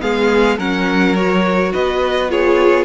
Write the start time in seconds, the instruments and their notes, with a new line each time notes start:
0.00 cello G#3, viola B3, violin G#4 F5
0.57 cello F#3, viola C#4, violin A#4 F#5
1.15 viola F#4, violin C#5
1.73 cello B3, violin B4 D#5
2.28 viola F4, violin G#4 C#5